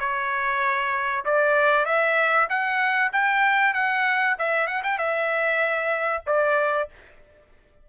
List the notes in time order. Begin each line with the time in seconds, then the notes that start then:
0.00 C#5
1.25 D5
1.86 E5
2.49 F#5
3.12 G5
3.74 F#5
4.39 E5
4.67 F#5
4.84 G5
4.98 E5
6.27 D5